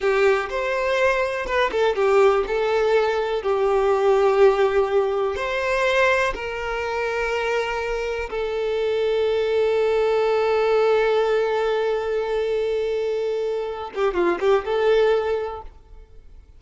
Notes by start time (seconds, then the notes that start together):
0.00 G4
0.49 C5
1.46 B4
1.71 A4
1.95 G4
2.47 A4
3.42 G4
5.35 C5
6.34 A#4
8.29 A4
13.94 G4
14.14 F4
14.40 G4
14.64 A4